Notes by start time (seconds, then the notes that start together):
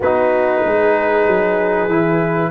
0.00 B3 D#4 F#4 B4
0.64 G#3 G#4
1.26 F#3
1.88 E3 E4